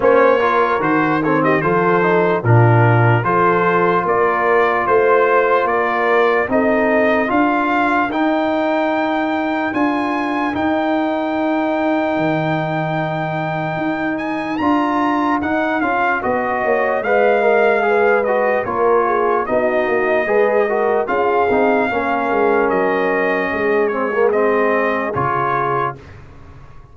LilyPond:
<<
  \new Staff \with { instrumentName = "trumpet" } { \time 4/4 \tempo 4 = 74 cis''4 c''8 cis''16 dis''16 c''4 ais'4 | c''4 d''4 c''4 d''4 | dis''4 f''4 g''2 | gis''4 g''2.~ |
g''4. gis''8 ais''4 fis''8 f''8 | dis''4 f''4. dis''8 cis''4 | dis''2 f''2 | dis''4. cis''8 dis''4 cis''4 | }
  \new Staff \with { instrumentName = "horn" } { \time 4/4 c''8 ais'4 a'16 g'16 a'4 f'4 | a'4 ais'4 c''4 ais'4 | a'4 ais'2.~ | ais'1~ |
ais'1 | dis''8 cis''8 dis''4 b'4 ais'8 gis'8 | fis'4 b'8 ais'8 gis'4 ais'4~ | ais'4 gis'2. | }
  \new Staff \with { instrumentName = "trombone" } { \time 4/4 cis'8 f'8 fis'8 c'8 f'8 dis'8 d'4 | f'1 | dis'4 f'4 dis'2 | f'4 dis'2.~ |
dis'2 f'4 dis'8 f'8 | fis'4 b'8 ais'8 gis'8 fis'8 f'4 | dis'4 gis'8 fis'8 f'8 dis'8 cis'4~ | cis'4. c'16 ais16 c'4 f'4 | }
  \new Staff \with { instrumentName = "tuba" } { \time 4/4 ais4 dis4 f4 ais,4 | f4 ais4 a4 ais4 | c'4 d'4 dis'2 | d'4 dis'2 dis4~ |
dis4 dis'4 d'4 dis'8 cis'8 | b8 ais8 gis2 ais4 | b8 ais8 gis4 cis'8 c'8 ais8 gis8 | fis4 gis2 cis4 | }
>>